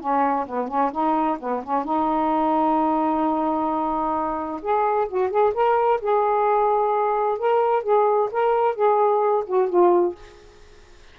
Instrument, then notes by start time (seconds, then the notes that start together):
saxophone
0.00 C#4
0.47 B3
0.68 C#4
0.91 D#4
1.40 B3
1.63 C#4
1.85 D#4
4.62 G#4
5.09 F#4
5.30 G#4
5.54 A#4
6.01 G#4
7.38 A#4
7.83 G#4
8.32 A#4
8.75 G#4
9.47 F#4
9.69 F4